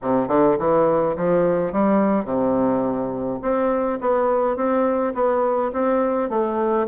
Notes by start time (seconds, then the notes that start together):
0.02 C3
0.28 D3
0.59 E3
1.16 F3
1.72 G3
2.24 C3
3.42 C4
4.00 B3
4.56 C4
5.14 B3
5.72 C4
6.29 A3